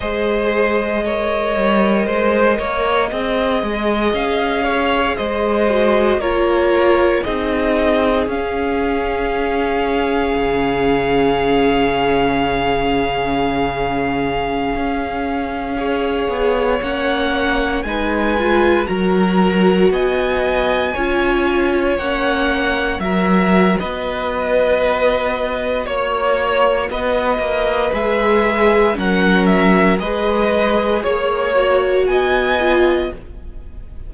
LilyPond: <<
  \new Staff \with { instrumentName = "violin" } { \time 4/4 \tempo 4 = 58 dis''1 | f''4 dis''4 cis''4 dis''4 | f''1~ | f''1~ |
f''16 fis''4 gis''4 ais''4 gis''8.~ | gis''4~ gis''16 fis''4 e''8. dis''4~ | dis''4 cis''4 dis''4 e''4 | fis''8 e''8 dis''4 cis''4 gis''4 | }
  \new Staff \with { instrumentName = "violin" } { \time 4/4 c''4 cis''4 c''8 cis''8 dis''4~ | dis''8 cis''8 c''4 ais'4 gis'4~ | gis'1~ | gis'2.~ gis'16 cis''8.~ |
cis''4~ cis''16 b'4 ais'4 dis''8.~ | dis''16 cis''2 ais'8. b'4~ | b'4 cis''4 b'2 | ais'4 b'4 cis''4 dis''4 | }
  \new Staff \with { instrumentName = "viola" } { \time 4/4 gis'4 ais'2 gis'4~ | gis'4. fis'8 f'4 dis'4 | cis'1~ | cis'2.~ cis'16 gis'8.~ |
gis'16 cis'4 dis'8 f'8 fis'4.~ fis'16~ | fis'16 f'4 cis'4 fis'4.~ fis'16~ | fis'2. gis'4 | cis'4 gis'4. fis'4 f'8 | }
  \new Staff \with { instrumentName = "cello" } { \time 4/4 gis4. g8 gis8 ais8 c'8 gis8 | cis'4 gis4 ais4 c'4 | cis'2 cis2~ | cis2~ cis16 cis'4. b16~ |
b16 ais4 gis4 fis4 b8.~ | b16 cis'4 ais4 fis8. b4~ | b4 ais4 b8 ais8 gis4 | fis4 gis4 ais4 b4 | }
>>